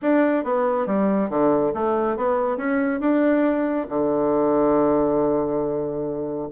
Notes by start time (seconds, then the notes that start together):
0.01 D4
0.44 B3
0.86 G3
1.29 D3
1.73 A3
2.16 B3
2.57 C#4
3.00 D4
3.89 D3